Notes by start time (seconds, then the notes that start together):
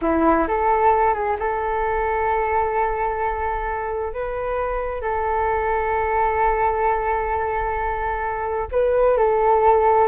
0.01 E4
0.47 A4
1.14 G#4
1.39 A4
4.13 B4
5.01 A4
8.71 B4
9.17 A4